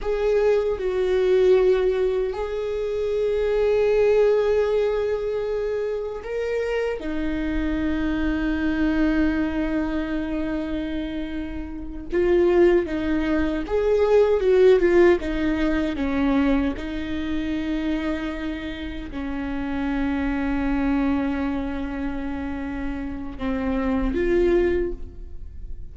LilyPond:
\new Staff \with { instrumentName = "viola" } { \time 4/4 \tempo 4 = 77 gis'4 fis'2 gis'4~ | gis'1 | ais'4 dis'2.~ | dis'2.~ dis'8 f'8~ |
f'8 dis'4 gis'4 fis'8 f'8 dis'8~ | dis'8 cis'4 dis'2~ dis'8~ | dis'8 cis'2.~ cis'8~ | cis'2 c'4 f'4 | }